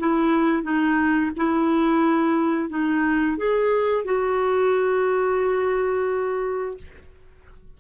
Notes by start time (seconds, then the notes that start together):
0.00 E4
0.63 D#4
1.37 E4
2.70 D#4
3.38 G#4
4.05 F#4